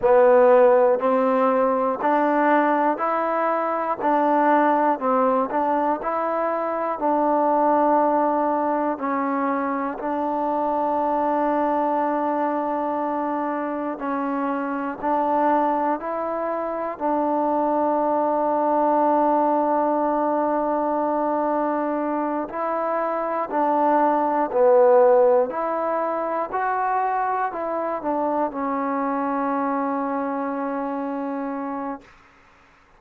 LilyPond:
\new Staff \with { instrumentName = "trombone" } { \time 4/4 \tempo 4 = 60 b4 c'4 d'4 e'4 | d'4 c'8 d'8 e'4 d'4~ | d'4 cis'4 d'2~ | d'2 cis'4 d'4 |
e'4 d'2.~ | d'2~ d'8 e'4 d'8~ | d'8 b4 e'4 fis'4 e'8 | d'8 cis'2.~ cis'8 | }